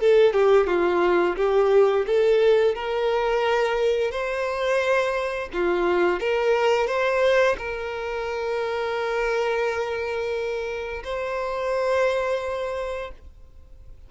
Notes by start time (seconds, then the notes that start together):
0.00 A4
0.33 G4
0.67 F4
1.37 G4
2.06 A4
2.75 A#4
4.11 C5
5.53 F4
6.20 A#4
6.87 C5
7.58 A#4
11.04 C5